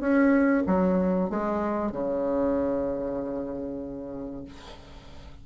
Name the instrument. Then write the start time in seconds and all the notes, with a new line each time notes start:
bassoon
0.00 C#4
0.67 F#3
1.30 G#3
1.92 C#3